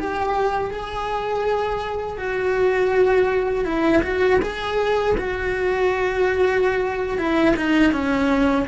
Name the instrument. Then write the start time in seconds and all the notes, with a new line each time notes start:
cello
0.00 G4
0.71 G#4
2.18 F#4
3.65 E4
4.03 F#4
4.42 G#4
5.18 F#4
7.19 E4
7.57 D#4
7.92 C#4